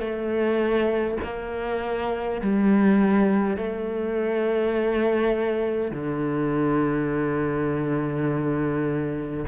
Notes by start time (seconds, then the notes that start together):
0.00 A3
1.24 A#3
2.41 G3
3.57 A3
5.91 D3